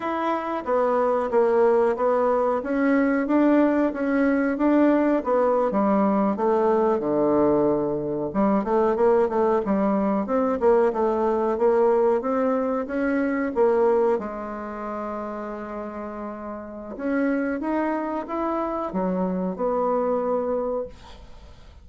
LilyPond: \new Staff \with { instrumentName = "bassoon" } { \time 4/4 \tempo 4 = 92 e'4 b4 ais4 b4 | cis'4 d'4 cis'4 d'4 | b8. g4 a4 d4~ d16~ | d8. g8 a8 ais8 a8 g4 c'16~ |
c'16 ais8 a4 ais4 c'4 cis'16~ | cis'8. ais4 gis2~ gis16~ | gis2 cis'4 dis'4 | e'4 fis4 b2 | }